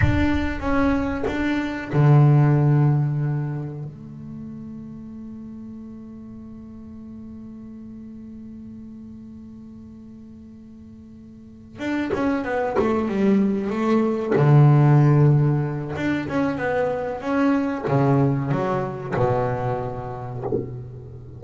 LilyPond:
\new Staff \with { instrumentName = "double bass" } { \time 4/4 \tempo 4 = 94 d'4 cis'4 d'4 d4~ | d2 a2~ | a1~ | a1~ |
a2~ a8 d'8 cis'8 b8 | a8 g4 a4 d4.~ | d4 d'8 cis'8 b4 cis'4 | cis4 fis4 b,2 | }